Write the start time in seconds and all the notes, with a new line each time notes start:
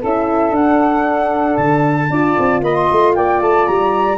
0.00 C#4 E4 A4 E5
0.50 D4 F#5
1.57 D3 A5
2.10 D4 F4 D5
2.39 C4
2.62 A#3 D#5 B5
2.75 C6
2.92 A3
3.15 A#3 D5 G5
3.41 A3 A5
3.67 G3 A#5